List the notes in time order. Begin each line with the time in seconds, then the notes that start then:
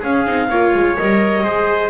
0.00 C#4 G#4 F5
0.26 C4 D#4
0.49 A#3 F4 C#5
0.74 G#3
0.97 G3 A#4 D#5
1.44 G#3 G#4 C5